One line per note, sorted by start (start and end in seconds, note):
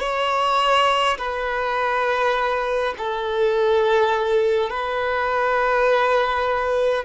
0.00 1.18 C#5
1.18 2.95 B4
2.98 4.70 A4
4.70 7.05 B4